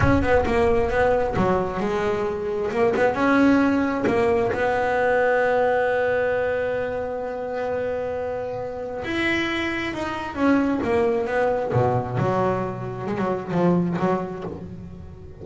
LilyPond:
\new Staff \with { instrumentName = "double bass" } { \time 4/4 \tempo 4 = 133 cis'8 b8 ais4 b4 fis4 | gis2 ais8 b8 cis'4~ | cis'4 ais4 b2~ | b1~ |
b1 | e'2 dis'4 cis'4 | ais4 b4 b,4 fis4~ | fis4 gis16 fis8. f4 fis4 | }